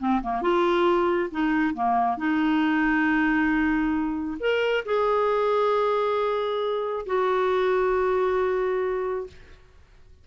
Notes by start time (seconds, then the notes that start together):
0.00 C4
0.23 A#3
0.42 F4
1.32 D#4
1.74 A#3
2.18 D#4
4.40 A#4
4.86 G#4
7.07 F#4